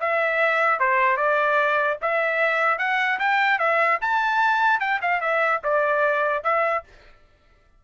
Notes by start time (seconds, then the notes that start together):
0.00 E5
0.80 C5
1.17 D5
2.02 E5
2.79 F#5
3.19 G5
3.59 E5
4.01 A5
4.80 G5
5.02 F5
5.21 E5
5.64 D5
6.44 E5